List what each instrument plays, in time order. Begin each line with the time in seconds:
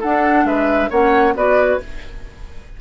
0.00 clarinet D4, bassoon D4, oboe A4, flute F#5
0.45 bassoon G#3, oboe B4, flute E5
0.90 bassoon A#3, clarinet C#4, oboe C#5, flute F#5
1.35 bassoon B3, clarinet F#4, oboe B4, flute D5